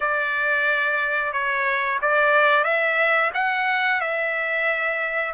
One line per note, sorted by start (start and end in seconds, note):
0.00 1.32 D5
1.32 1.99 C#5
2.01 2.64 D5
2.64 3.30 E5
3.34 4.00 F#5
4.00 5.34 E5